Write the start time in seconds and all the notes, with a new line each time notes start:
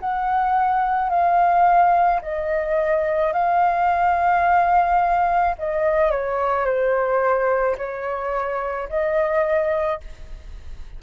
0.00 F#5
1.10 F5
2.22 D#5
3.33 F5
5.59 D#5
6.11 C#5
6.65 C5
7.78 C#5
8.89 D#5